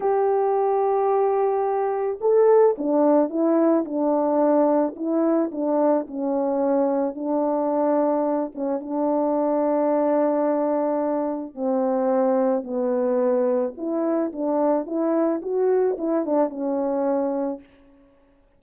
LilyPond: \new Staff \with { instrumentName = "horn" } { \time 4/4 \tempo 4 = 109 g'1 | a'4 d'4 e'4 d'4~ | d'4 e'4 d'4 cis'4~ | cis'4 d'2~ d'8 cis'8 |
d'1~ | d'4 c'2 b4~ | b4 e'4 d'4 e'4 | fis'4 e'8 d'8 cis'2 | }